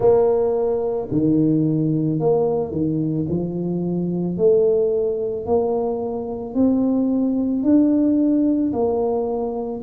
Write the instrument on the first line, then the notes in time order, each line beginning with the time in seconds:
tuba
0.00 A#3
1.11 D#3
2.19 A#3
2.71 D#3
3.29 F3
4.37 A3
5.45 A#3
6.54 C4
7.63 D4
8.72 A#3